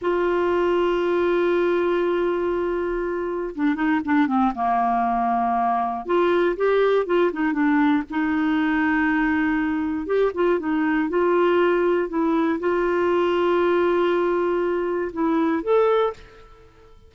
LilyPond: \new Staff \with { instrumentName = "clarinet" } { \time 4/4 \tempo 4 = 119 f'1~ | f'2. d'8 dis'8 | d'8 c'8 ais2. | f'4 g'4 f'8 dis'8 d'4 |
dis'1 | g'8 f'8 dis'4 f'2 | e'4 f'2.~ | f'2 e'4 a'4 | }